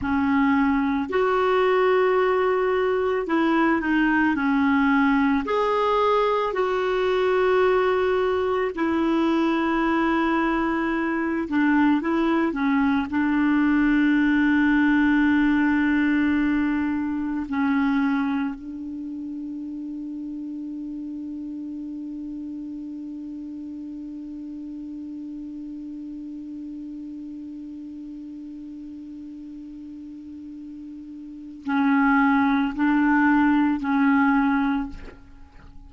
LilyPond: \new Staff \with { instrumentName = "clarinet" } { \time 4/4 \tempo 4 = 55 cis'4 fis'2 e'8 dis'8 | cis'4 gis'4 fis'2 | e'2~ e'8 d'8 e'8 cis'8 | d'1 |
cis'4 d'2.~ | d'1~ | d'1~ | d'4 cis'4 d'4 cis'4 | }